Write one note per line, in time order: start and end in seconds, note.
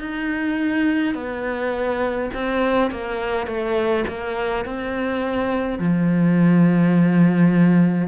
0.00 1.15 D#4
1.15 2.30 B3
2.34 2.91 C4
2.91 3.47 A#3
3.47 4.05 A3
4.08 4.66 A#3
4.66 5.79 C4
5.79 8.08 F3